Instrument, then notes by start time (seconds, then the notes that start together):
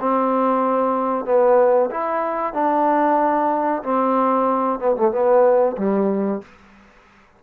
trombone
0.00 C4
1.25 B3
1.90 E4
2.53 D4
3.83 C4
4.79 B3
4.96 A3
5.11 B3
5.77 G3